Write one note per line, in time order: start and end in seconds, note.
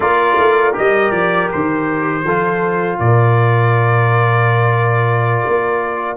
0.00 0.37 A#3
0.00 0.73 F4
0.00 2.23 A#4
0.00 0.75 D5
0.38 0.76 A3
0.73 1.11 G3
0.73 2.23 G4
0.73 1.11 D#5
1.11 1.48 F3
1.11 1.48 D5
1.51 2.23 D#3
1.51 2.99 C5
2.23 2.98 F3
2.23 6.17 F4
2.23 2.99 A4
2.99 5.43 A#2
2.99 6.17 A#4
2.99 6.17 D5
5.46 6.17 A#3